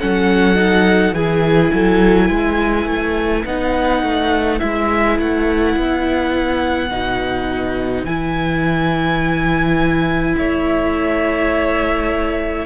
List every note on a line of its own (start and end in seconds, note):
0.00 1.12 F#3
0.00 0.56 C#4
0.00 1.16 A4
0.00 1.14 F#5
0.56 1.13 D#4
1.12 1.70 E3
1.12 3.47 E4
1.12 1.74 G#4
1.12 3.45 G#5
1.74 2.30 F#3
1.74 2.27 A4
2.27 2.86 G#3
2.27 10.35 B4
2.86 3.44 A3
3.46 4.03 B3
3.46 4.59 D#4
3.46 4.60 F#5
4.03 4.61 A3
4.59 5.19 G#3
4.59 6.90 E4
4.59 5.18 E5
5.19 5.76 A3
5.19 8.05 F#5
5.76 6.92 B3
6.91 8.04 B2
6.91 8.06 D#4
8.04 10.35 E3
8.04 12.67 E4
8.04 10.36 G#5
10.37 12.67 A3
10.37 12.67 C#5
10.37 12.67 E5